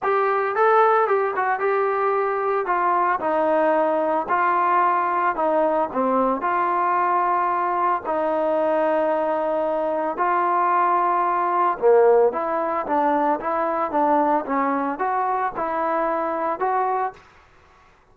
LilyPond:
\new Staff \with { instrumentName = "trombone" } { \time 4/4 \tempo 4 = 112 g'4 a'4 g'8 fis'8 g'4~ | g'4 f'4 dis'2 | f'2 dis'4 c'4 | f'2. dis'4~ |
dis'2. f'4~ | f'2 ais4 e'4 | d'4 e'4 d'4 cis'4 | fis'4 e'2 fis'4 | }